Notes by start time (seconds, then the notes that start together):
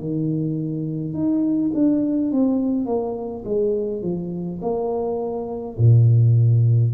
0.00 D#3
1.14 D#4
1.75 D4
2.32 C4
2.86 A#3
3.45 G#3
4.03 F3
4.62 A#3
5.78 A#2